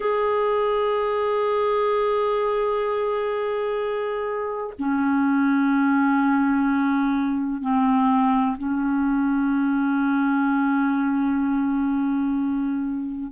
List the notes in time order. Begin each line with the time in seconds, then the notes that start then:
0.00 G#4
4.78 C#4
7.61 C4
8.57 C#4